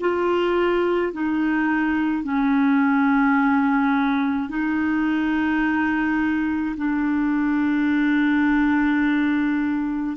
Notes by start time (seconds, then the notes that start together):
0.00 F4
1.13 D#4
2.23 C#4
4.49 D#4
6.77 D4